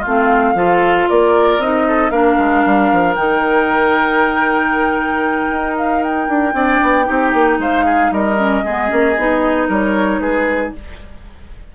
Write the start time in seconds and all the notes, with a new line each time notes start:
0.00 A3 C4 F4
0.06 F5
0.54 F3 F4 A4
1.09 A#3 A#4 D5
1.58 C4 D#4 D#5
1.87 A4
2.10 A#3 D4 A#4 F5
2.38 G#3
2.65 G3
2.92 F3
3.15 D#3 D#4 G5
5.50 D#4
5.77 F5
6.03 G5
6.28 D4
6.53 C4 D4 D5
6.82 B3
7.04 C4 D#4 G4
7.33 A#3
7.58 G#3 C5 F5
7.85 G#4
8.11 G3 A#4 D#5
8.38 C#4
8.64 G#3 B3 G#4
8.88 A#3 C#4
9.17 B3 D#4
9.68 G3 A#4 C#5
10.20 G#3 G#4 B4